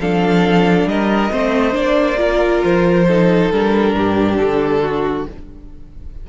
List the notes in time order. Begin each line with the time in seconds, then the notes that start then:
0.00 F3 D4 A4 F5
0.85 G3 A#4 D#5
1.31 A3 C4 C5
1.72 A#3 D4 D5
2.17 F4 A#4
2.63 F3 C5
3.07 D#4 A4
3.51 G3 D4 A#4
3.94 G2 G4
4.36 D3 A4
4.82 F#4